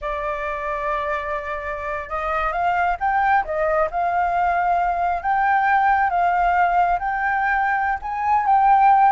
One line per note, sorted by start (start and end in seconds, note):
0.01 2.09 D5
2.09 2.52 D#5
2.52 2.97 F5
3.00 3.44 G5
3.44 3.89 D#5
3.90 5.22 F5
5.22 6.09 G5
6.09 6.98 F5
6.99 7.99 G5
8.02 8.46 G#5
8.46 9.12 G5